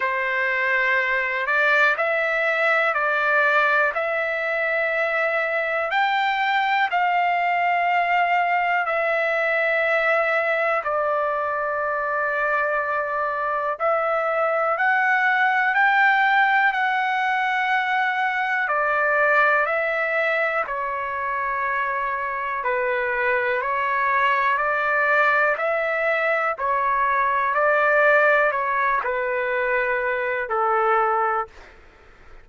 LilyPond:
\new Staff \with { instrumentName = "trumpet" } { \time 4/4 \tempo 4 = 61 c''4. d''8 e''4 d''4 | e''2 g''4 f''4~ | f''4 e''2 d''4~ | d''2 e''4 fis''4 |
g''4 fis''2 d''4 | e''4 cis''2 b'4 | cis''4 d''4 e''4 cis''4 | d''4 cis''8 b'4. a'4 | }